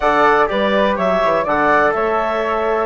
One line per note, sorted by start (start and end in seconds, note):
0.00 0.49 D3
0.00 0.47 A4
0.00 0.48 D5
0.00 0.47 F#5
0.47 0.97 G3
0.47 1.44 G4
0.47 0.96 B4
0.47 0.96 D5
0.96 1.22 F#3
0.96 1.44 C#5
0.96 1.46 E5
1.23 1.45 E3
1.44 1.93 D3
1.44 2.86 A4
1.44 1.92 D5
1.44 1.92 F#5
1.92 2.86 A3
1.92 2.86 C#5
1.92 2.86 E5